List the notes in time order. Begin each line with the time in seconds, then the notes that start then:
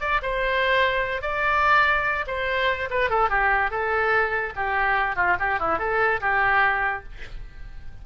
0.00 D5
0.22 C5
1.22 D5
2.27 C5
2.90 B4
3.10 A4
3.29 G4
3.71 A4
4.56 G4
5.16 F4
5.39 G4
5.59 E4
5.79 A4
6.21 G4